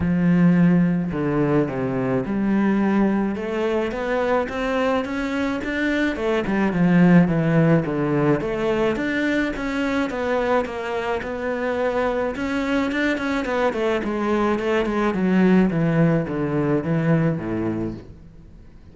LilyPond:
\new Staff \with { instrumentName = "cello" } { \time 4/4 \tempo 4 = 107 f2 d4 c4 | g2 a4 b4 | c'4 cis'4 d'4 a8 g8 | f4 e4 d4 a4 |
d'4 cis'4 b4 ais4 | b2 cis'4 d'8 cis'8 | b8 a8 gis4 a8 gis8 fis4 | e4 d4 e4 a,4 | }